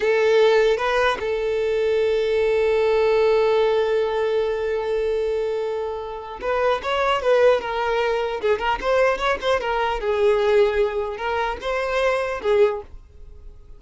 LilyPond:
\new Staff \with { instrumentName = "violin" } { \time 4/4 \tempo 4 = 150 a'2 b'4 a'4~ | a'1~ | a'1~ | a'1 |
b'4 cis''4 b'4 ais'4~ | ais'4 gis'8 ais'8 c''4 cis''8 c''8 | ais'4 gis'2. | ais'4 c''2 gis'4 | }